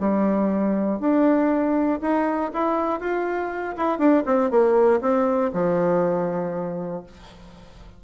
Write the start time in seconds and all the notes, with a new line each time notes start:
0.00 G3
1.00 D4
2.02 D#4
2.54 E4
3.01 F4
3.77 E4
3.99 D4
4.26 C4
4.51 A#3
5.01 C4
5.54 F3